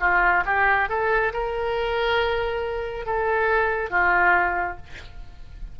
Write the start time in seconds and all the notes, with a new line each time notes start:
0.00 F4
0.45 G4
0.89 A4
1.33 A#4
3.06 A4
3.90 F4